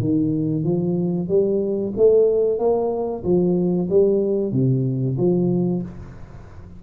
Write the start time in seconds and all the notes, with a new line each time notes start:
0.00 D#3
0.64 F3
1.28 G3
1.97 A3
2.59 A#3
3.24 F3
3.90 G3
4.52 C3
5.18 F3